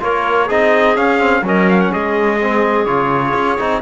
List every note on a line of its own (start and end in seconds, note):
0.00 0.50 A#3
0.00 0.48 F4
0.00 0.45 A#4
0.00 0.49 C#5
0.45 0.98 C4
0.45 0.96 D#4
0.45 1.41 G#4
0.45 0.96 D#5
0.96 1.19 C#4
0.96 1.42 C#4
0.96 1.44 F5
1.19 1.42 C4
1.42 1.90 F#3
1.42 2.40 C#4
1.42 1.91 A#4
1.42 1.69 D#5
1.69 1.80 F5
1.80 1.92 F#5
1.91 2.86 G#3
1.91 3.81 G#4
1.91 2.85 D#5
2.40 2.86 C4
2.85 3.34 C#3
2.85 3.58 F4
2.85 3.80 C#5
3.34 3.58 C#4
3.59 3.82 C4
3.59 3.82 D#4